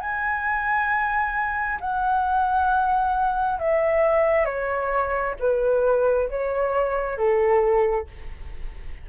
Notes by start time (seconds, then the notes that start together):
0.00 G#5
1.80 F#5
3.59 E5
4.45 C#5
5.39 B4
6.29 C#5
7.17 A4